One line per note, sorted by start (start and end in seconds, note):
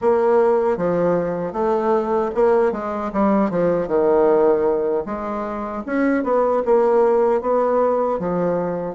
0.01 0.77 A#3
0.77 1.53 F3
1.53 2.31 A3
2.34 2.72 A#3
2.72 3.11 G#3
3.12 3.50 G3
3.50 3.87 F3
3.87 5.04 D#3
5.05 5.83 G#3
5.86 6.23 C#4
6.23 6.62 B3
6.65 7.41 A#3
7.41 8.19 B3
8.19 8.95 F3